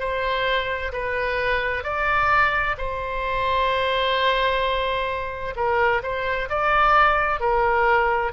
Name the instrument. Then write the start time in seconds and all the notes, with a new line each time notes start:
oboe
0.00 C5
0.93 B4
1.84 D5
2.78 C5
5.56 A#4
6.03 C5
6.50 D5
7.41 A#4